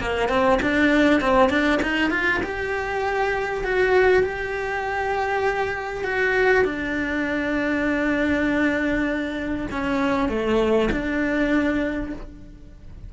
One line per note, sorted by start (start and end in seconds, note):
0.00 0.29 A#3
0.29 0.59 C4
0.62 1.21 D4
1.21 1.49 C4
1.49 1.80 D4
1.82 2.10 D#4
2.10 2.40 F4
2.43 3.64 G4
3.64 4.23 F#4
4.23 6.04 G4
6.04 6.64 F#4
6.64 9.67 D4
9.71 10.29 C#4
10.29 10.89 A3
10.91 12.12 D4